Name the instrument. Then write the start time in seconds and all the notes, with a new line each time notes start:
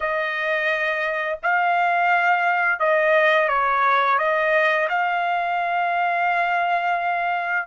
trumpet
0.00 D#5
1.43 F5
2.79 D#5
3.48 C#5
4.18 D#5
4.89 F5